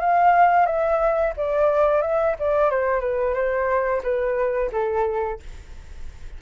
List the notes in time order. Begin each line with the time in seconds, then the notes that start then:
0.00 F5
0.66 E5
1.36 D5
2.01 E5
2.39 D5
2.70 C5
3.00 B4
3.34 C5
4.03 B4
4.72 A4